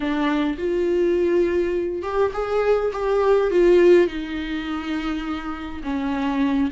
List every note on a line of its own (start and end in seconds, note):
0.00 0.56 D4
0.58 2.02 F4
2.02 2.31 G4
2.33 2.91 G#4
2.93 3.50 G4
3.50 4.07 F4
4.07 5.82 D#4
5.83 6.70 C#4